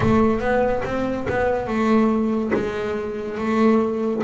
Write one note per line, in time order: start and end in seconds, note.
0.00 0.40 A3
0.40 0.82 B3
0.85 1.27 C4
1.29 1.67 B3
1.67 2.51 A3
2.54 3.38 G#3
3.38 4.22 A3